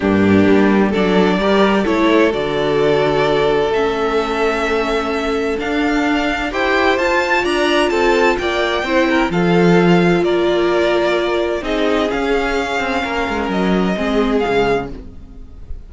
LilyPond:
<<
  \new Staff \with { instrumentName = "violin" } { \time 4/4 \tempo 4 = 129 g'2 d''2 | cis''4 d''2. | e''1 | f''2 g''4 a''4 |
ais''4 a''4 g''2 | f''2 d''2~ | d''4 dis''4 f''2~ | f''4 dis''2 f''4 | }
  \new Staff \with { instrumentName = "violin" } { \time 4/4 d'2 a'4 ais'4 | a'1~ | a'1~ | a'2 c''2 |
d''4 a'4 d''4 c''8 ais'8 | a'2 ais'2~ | ais'4 gis'2. | ais'2 gis'2 | }
  \new Staff \with { instrumentName = "viola" } { \time 4/4 ais2 d'4 g'4 | e'4 fis'2. | cis'1 | d'2 g'4 f'4~ |
f'2. e'4 | f'1~ | f'4 dis'4 cis'2~ | cis'2 c'4 gis4 | }
  \new Staff \with { instrumentName = "cello" } { \time 4/4 g,4 g4 fis4 g4 | a4 d2. | a1 | d'2 e'4 f'4 |
d'4 c'4 ais4 c'4 | f2 ais2~ | ais4 c'4 cis'4. c'8 | ais8 gis8 fis4 gis4 cis4 | }
>>